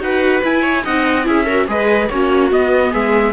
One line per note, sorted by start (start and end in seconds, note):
0.00 0.42 D#4
0.00 0.42 F#4
0.00 0.62 B4
0.00 0.44 F#5
0.43 0.85 E4
0.43 0.86 E4
0.43 0.86 G#5
0.62 0.83 C#5
0.85 1.28 C4
0.85 1.24 D#4
0.85 1.26 D#5
0.85 1.27 F#5
1.24 1.68 C#4
1.24 1.45 E4
1.24 1.46 G#4
1.24 1.69 E5
1.46 1.68 F#4
1.46 1.66 A#4
1.68 2.10 G#3
1.68 2.09 G#4
1.68 2.12 B4
1.68 2.09 D#5
2.09 2.52 A#3
2.09 2.51 C#4
2.09 2.91 F#4
2.09 2.51 C#5
2.51 3.33 B3
2.51 2.94 B3
2.51 2.94 D#5
2.91 3.33 G#3
2.91 3.33 G#4
2.91 3.33 E5